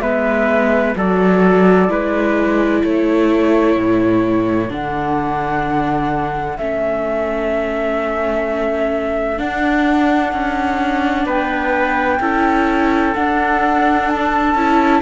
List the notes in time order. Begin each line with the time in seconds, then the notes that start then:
0.00 G#3 B3 B4 E5
0.96 F#3 F#4 A4 D5
1.89 G#3 E4 B4
2.82 A3 A4 C#5
3.77 A2
4.69 D3 D4 F#5
6.58 A3 C#4 E5
9.37 D4 F#5
10.33 C#4
11.26 B3 B4 G5
12.20 C#4 E4 A4
13.15 D4 F#5
14.08 A5
14.54 C#4 E4